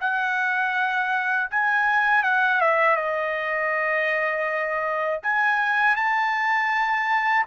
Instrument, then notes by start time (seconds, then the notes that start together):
trumpet
0.00 F#5
1.51 G#5
2.23 F#5
2.60 E5
2.96 D#5
5.23 G#5
5.96 A5